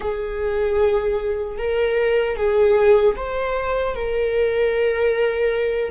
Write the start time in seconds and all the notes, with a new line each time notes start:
0.00 G#4
1.58 A#4
2.36 G#4
3.16 C5
3.95 A#4